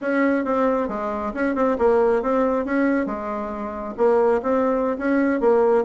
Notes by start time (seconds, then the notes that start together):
0.01 C#4
0.44 C4
0.88 G#3
1.34 C#4
1.55 C4
1.78 A#3
2.22 C4
2.65 C#4
3.06 G#3
3.97 A#3
4.42 C4
4.97 C#4
5.40 A#3